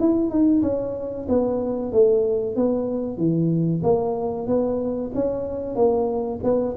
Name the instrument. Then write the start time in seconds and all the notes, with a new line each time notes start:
tuba
0.00 E4
0.30 D#4
0.62 C#4
1.28 B3
1.92 A3
2.56 B3
3.17 E3
3.83 A#3
4.47 B3
5.14 C#4
5.75 A#3
6.43 B3